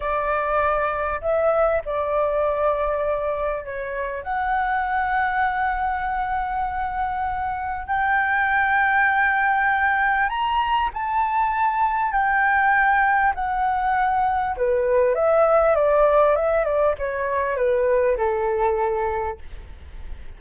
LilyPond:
\new Staff \with { instrumentName = "flute" } { \time 4/4 \tempo 4 = 99 d''2 e''4 d''4~ | d''2 cis''4 fis''4~ | fis''1~ | fis''4 g''2.~ |
g''4 ais''4 a''2 | g''2 fis''2 | b'4 e''4 d''4 e''8 d''8 | cis''4 b'4 a'2 | }